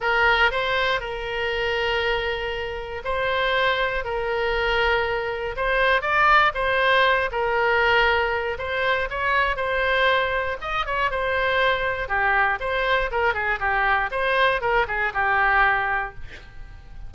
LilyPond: \new Staff \with { instrumentName = "oboe" } { \time 4/4 \tempo 4 = 119 ais'4 c''4 ais'2~ | ais'2 c''2 | ais'2. c''4 | d''4 c''4. ais'4.~ |
ais'4 c''4 cis''4 c''4~ | c''4 dis''8 cis''8 c''2 | g'4 c''4 ais'8 gis'8 g'4 | c''4 ais'8 gis'8 g'2 | }